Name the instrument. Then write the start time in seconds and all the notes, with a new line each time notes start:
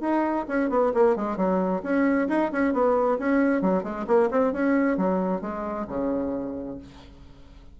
bassoon
0.00 D#4
0.48 C#4
0.70 B3
0.94 A#3
1.16 G#3
1.37 F#3
1.83 C#4
2.28 D#4
2.52 C#4
2.73 B3
3.18 C#4
3.61 F#3
3.83 G#3
4.07 A#3
4.31 C4
4.53 C#4
4.97 F#3
5.41 G#3
5.87 C#3